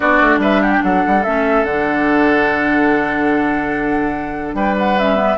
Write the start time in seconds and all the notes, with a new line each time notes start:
0.00 B3 D4 F#4 D5
0.21 A3
0.37 G3 B4 E5
0.62 G4 F#5
0.71 G5
0.82 F#3 A4 F#5
1.06 G3
1.23 A3 C#4 E5
1.63 D3 D4 F#5
4.53 G3 B4 G5
4.78 F#5
4.98 C#4 E5
5.15 B3